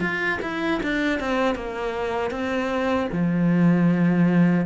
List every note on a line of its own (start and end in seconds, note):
0.00 0.38 F4
0.42 0.80 E4
0.83 1.20 D4
1.20 1.55 C4
1.55 2.30 A#3
2.30 3.07 C4
3.12 4.66 F3